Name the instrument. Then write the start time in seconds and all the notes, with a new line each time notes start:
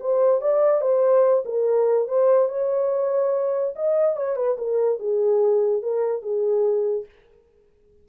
horn
0.00 C5
0.41 D5
0.81 C5
1.45 A#4
2.08 C5
2.49 C#5
3.75 D#5
4.16 C#5
4.36 B4
4.58 A#4
4.99 G#4
5.82 A#4
6.22 G#4